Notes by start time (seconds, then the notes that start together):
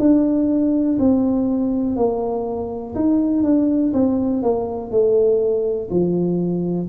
0.00 D4
1.00 C4
1.97 A#3
2.96 D#4
3.44 D4
3.94 C4
4.43 A#3
4.92 A3
5.91 F3